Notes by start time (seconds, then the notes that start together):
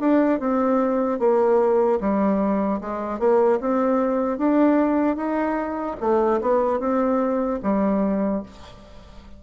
0.00 D4
0.40 C4
1.19 A#3
2.00 G3
2.81 G#3
3.19 A#3
3.60 C4
4.38 D4
5.16 D#4
6.00 A3
6.41 B3
6.80 C4
7.63 G3